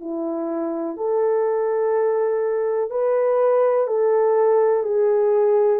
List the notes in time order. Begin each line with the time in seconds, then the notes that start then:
0.00 E4
0.97 A4
2.90 B4
3.87 A4
4.83 G#4